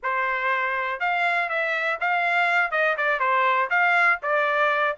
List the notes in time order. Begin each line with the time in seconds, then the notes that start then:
0.02 C5
1.00 F5
1.49 E5
2.00 F5
2.71 D#5
2.97 D5
3.19 C5
3.69 F5
4.22 D5